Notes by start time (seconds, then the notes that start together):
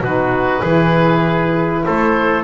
0.00 B2 D#4 F#4 B4
0.61 E3 E4 G#4
1.85 A3 A4 C5